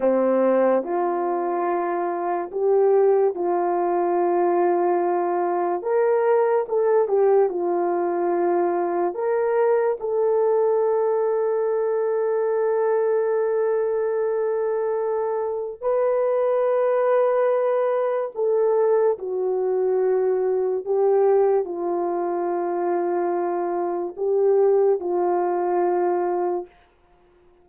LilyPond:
\new Staff \with { instrumentName = "horn" } { \time 4/4 \tempo 4 = 72 c'4 f'2 g'4 | f'2. ais'4 | a'8 g'8 f'2 ais'4 | a'1~ |
a'2. b'4~ | b'2 a'4 fis'4~ | fis'4 g'4 f'2~ | f'4 g'4 f'2 | }